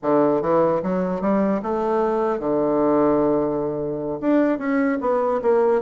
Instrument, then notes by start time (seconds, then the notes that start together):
bassoon
0.02 D3
0.41 E3
0.83 F#3
1.21 G3
1.62 A3
2.39 D3
4.20 D4
4.58 C#4
5.00 B3
5.41 A#3